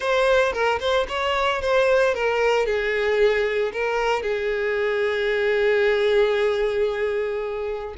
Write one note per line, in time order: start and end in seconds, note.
0.00 0.52 C5
0.52 0.79 A#4
0.80 1.06 C5
1.08 1.61 C#5
1.61 2.14 C5
2.14 2.65 A#4
2.65 3.72 G#4
3.72 4.22 A#4
4.22 7.94 G#4